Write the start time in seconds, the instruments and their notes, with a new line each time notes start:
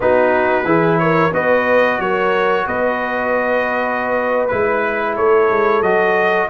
0.00 tuba B3, trombone D#4, horn F#4, trumpet B4
0.64 tuba E3, trombone E4, horn G#4
0.98 horn A#4, trumpet C#5
1.33 tuba B3, trombone F#4, horn B4, trumpet D#5
1.99 tuba F#3, horn A#4, trumpet C#5
2.66 tuba B3, horn B4, trumpet D#5
4.47 tuba G#3, trombone E4, trumpet B4
5.15 tuba A3, horn A4, trumpet C#5
5.50 tuba G#3
5.81 tuba F#3, trombone F#4, trumpet D#5